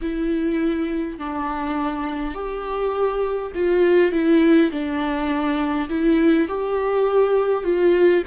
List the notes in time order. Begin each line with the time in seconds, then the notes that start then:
0.01 E4
1.18 D4
2.34 G4
3.55 F4
4.12 E4
4.71 D4
5.89 E4
6.48 G4
7.64 F4